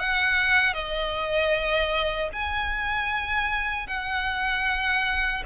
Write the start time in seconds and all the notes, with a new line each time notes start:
0.00 F#5
0.74 D#5
2.33 G#5
3.87 F#5